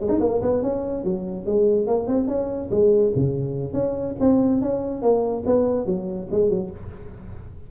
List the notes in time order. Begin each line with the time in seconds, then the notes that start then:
0.00 G#3
0.09 D#4
0.20 A#3
0.42 B3
0.63 C#4
1.05 F#3
1.46 G#3
1.87 A#3
2.07 C4
2.28 C#4
2.71 G#3
3.16 C#3
3.74 C#4
4.20 C4
4.62 C#4
5.02 A#3
5.46 B3
5.86 F#3
6.31 G#3
6.50 F#3